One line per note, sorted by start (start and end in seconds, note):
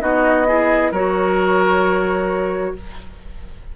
0.00 0.91 B3
0.00 0.45 D#4
0.00 0.47 F#4
0.00 0.92 D#5
0.47 0.93 E4
0.47 0.91 G#4
0.91 2.73 F#3
0.91 2.76 F#4
0.91 2.73 A#4
0.91 2.76 C#5